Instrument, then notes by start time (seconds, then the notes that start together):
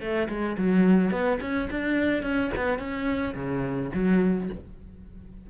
cello
0.00 A3
0.29 G#3
0.57 F#3
1.11 B3
1.41 C#4
1.70 D4
2.22 C#4
2.56 B3
2.79 C#4
3.35 C#3
3.94 F#3